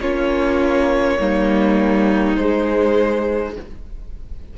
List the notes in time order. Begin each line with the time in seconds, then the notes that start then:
0.00 A#3 C#4 F4 C#5
1.18 G3 A#3 D#4
2.36 G#3 C5